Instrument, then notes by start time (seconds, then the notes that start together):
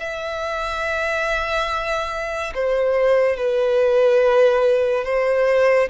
violin
0.00 E5
2.55 C5
3.37 B4
5.05 C5